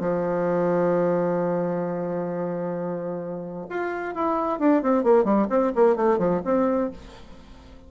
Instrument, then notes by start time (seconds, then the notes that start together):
bassoon
0.00 F3
3.70 F4
4.15 E4
4.59 D4
4.82 C4
5.03 A#3
5.24 G3
5.49 C4
5.75 A#3
5.96 A3
6.18 F3
6.45 C4